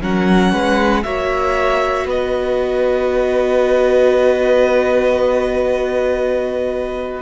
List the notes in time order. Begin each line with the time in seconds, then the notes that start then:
0.00 F#3 C#4 A#4 F#5
0.51 G#3 B4
1.03 A#3 F#4 C#5 E5
2.05 B3 B4 D#5